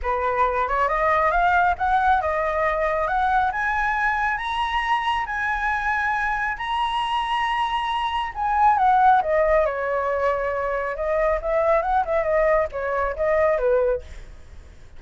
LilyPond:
\new Staff \with { instrumentName = "flute" } { \time 4/4 \tempo 4 = 137 b'4. cis''8 dis''4 f''4 | fis''4 dis''2 fis''4 | gis''2 ais''2 | gis''2. ais''4~ |
ais''2. gis''4 | fis''4 dis''4 cis''2~ | cis''4 dis''4 e''4 fis''8 e''8 | dis''4 cis''4 dis''4 b'4 | }